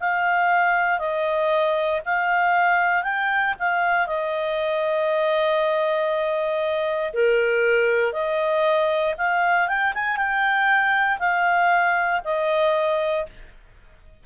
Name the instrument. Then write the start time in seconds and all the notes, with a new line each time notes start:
clarinet
0.00 F5
0.99 D#5
2.05 F5
3.03 G5
3.59 F5
4.07 D#5
7.13 A#4
8.13 D#5
9.18 F5
9.68 G5
9.94 G#5
10.16 G5
11.19 F5
12.24 D#5